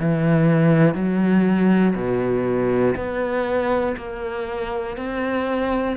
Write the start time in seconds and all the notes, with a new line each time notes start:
0.00 E3
0.95 F#3
1.95 B2
2.96 B3
3.97 A#3
4.97 C4